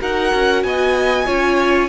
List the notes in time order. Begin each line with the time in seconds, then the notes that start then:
0.00 D#4 F#4 A#4 F#5
0.34 C#4
0.63 B3 D#5 G#5
1.26 C#4 F4 C#5